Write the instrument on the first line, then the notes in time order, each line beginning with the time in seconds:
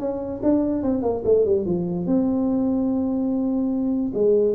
tuba
0.00 C#4
0.43 D4
0.83 C4
1.03 A#3
1.25 A3
1.46 G3
1.66 F3
2.07 C4
4.15 G#3